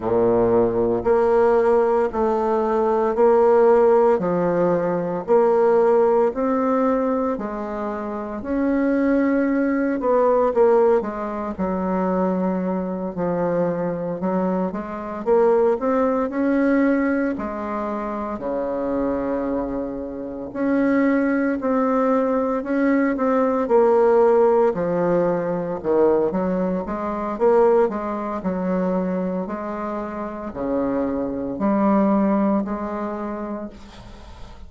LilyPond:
\new Staff \with { instrumentName = "bassoon" } { \time 4/4 \tempo 4 = 57 ais,4 ais4 a4 ais4 | f4 ais4 c'4 gis4 | cis'4. b8 ais8 gis8 fis4~ | fis8 f4 fis8 gis8 ais8 c'8 cis'8~ |
cis'8 gis4 cis2 cis'8~ | cis'8 c'4 cis'8 c'8 ais4 f8~ | f8 dis8 fis8 gis8 ais8 gis8 fis4 | gis4 cis4 g4 gis4 | }